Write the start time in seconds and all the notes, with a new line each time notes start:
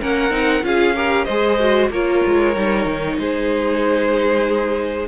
0.00 A#3 C#4 A#4 F#5
0.30 C4 D#4
0.62 C#4 F4 G#4 F5
0.95 G4 A#4
1.24 G#3 G#4 C5 D#5
1.59 F#4
1.89 A#3 F4 A#4 C#5
2.26 G#3
2.54 G3 D#4
2.85 D#3
3.18 G#3 G#4 C5